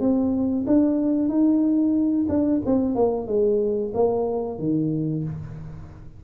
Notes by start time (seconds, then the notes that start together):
0.00 C4
0.67 D4
1.29 D#4
2.29 D4
2.66 C4
2.95 A#3
3.27 G#3
3.94 A#3
4.59 D#3